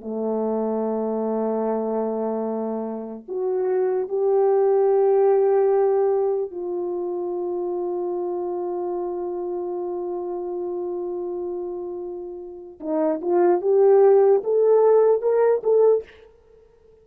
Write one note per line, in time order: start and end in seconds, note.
0.00 3.24 A3
3.28 4.08 F#4
4.08 6.50 G4
6.50 12.79 F4
12.80 13.20 D#4
13.21 13.61 F4
13.61 14.42 G4
14.44 15.21 A4
15.21 15.62 A#4
15.63 16.04 A4